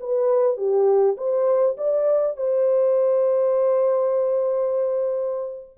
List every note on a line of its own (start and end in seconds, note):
0.00 0.56 B4
0.56 1.16 G4
1.17 1.76 C5
1.77 2.36 D5
2.36 5.77 C5